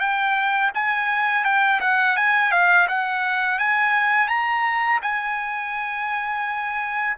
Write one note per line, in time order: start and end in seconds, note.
0.00 0.71 G5
0.74 1.44 G#5
1.44 1.80 G5
1.81 2.17 F#5
2.17 2.52 G#5
2.52 2.88 F5
2.88 3.59 F#5
3.59 4.28 G#5
4.28 5.00 A#5
5.02 7.17 G#5